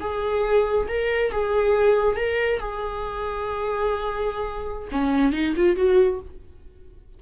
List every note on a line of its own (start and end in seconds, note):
0.00 0.87 G#4
0.88 1.32 A#4
1.32 2.16 G#4
2.16 2.60 A#4
2.60 4.88 G#4
4.92 5.33 C#4
5.33 5.54 D#4
5.56 5.76 F4
5.76 6.20 F#4